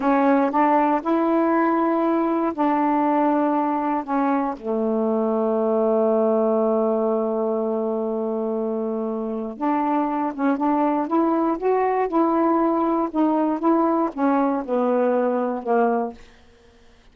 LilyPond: \new Staff \with { instrumentName = "saxophone" } { \time 4/4 \tempo 4 = 119 cis'4 d'4 e'2~ | e'4 d'2. | cis'4 a2.~ | a1~ |
a2. d'4~ | d'8 cis'8 d'4 e'4 fis'4 | e'2 dis'4 e'4 | cis'4 b2 ais4 | }